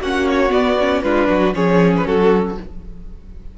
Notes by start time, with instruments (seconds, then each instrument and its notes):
0.00 cello A#3, viola C#4, violin F#4 F#5
0.27 violin C#5
0.49 viola B3, cello B3, violin D5
0.79 viola C#4
1.02 cello G#3, viola D4, violin F4 B4
1.29 cello F#3, violin F#4
1.53 cello F3, viola C#4, violin G#4 C#5
1.96 violin B4
2.06 cello F#3, violin F#4 A4